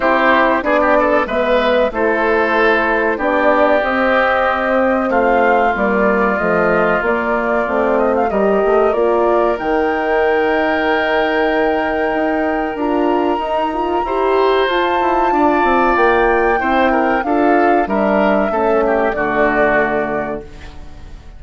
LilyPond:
<<
  \new Staff \with { instrumentName = "flute" } { \time 4/4 \tempo 4 = 94 c''4 d''4 e''4 c''4~ | c''4 d''4 dis''2 | f''4 d''4 dis''4 d''4~ | d''8 dis''16 f''16 dis''4 d''4 g''4~ |
g''1 | ais''2. a''4~ | a''4 g''2 f''4 | e''2 d''2 | }
  \new Staff \with { instrumentName = "oboe" } { \time 4/4 g'4 gis'16 g'16 a'8 b'4 a'4~ | a'4 g'2. | f'1~ | f'4 ais'2.~ |
ais'1~ | ais'2 c''2 | d''2 c''8 ais'8 a'4 | ais'4 a'8 g'8 fis'2 | }
  \new Staff \with { instrumentName = "horn" } { \time 4/4 e'4 d'4 b4 e'4~ | e'4 d'4 c'2~ | c'4 ais4 a4 ais4 | c'4 g'4 f'4 dis'4~ |
dis'1 | f'4 dis'8 f'8 g'4 f'4~ | f'2 e'4 f'4 | d'4 cis'4 a2 | }
  \new Staff \with { instrumentName = "bassoon" } { \time 4/4 c'4 b4 gis4 a4~ | a4 b4 c'2 | a4 g4 f4 ais4 | a4 g8 a8 ais4 dis4~ |
dis2. dis'4 | d'4 dis'4 e'4 f'8 e'8 | d'8 c'8 ais4 c'4 d'4 | g4 a4 d2 | }
>>